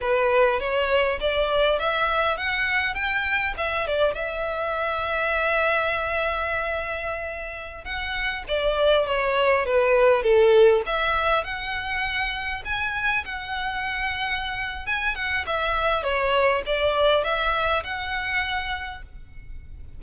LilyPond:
\new Staff \with { instrumentName = "violin" } { \time 4/4 \tempo 4 = 101 b'4 cis''4 d''4 e''4 | fis''4 g''4 e''8 d''8 e''4~ | e''1~ | e''4~ e''16 fis''4 d''4 cis''8.~ |
cis''16 b'4 a'4 e''4 fis''8.~ | fis''4~ fis''16 gis''4 fis''4.~ fis''16~ | fis''4 gis''8 fis''8 e''4 cis''4 | d''4 e''4 fis''2 | }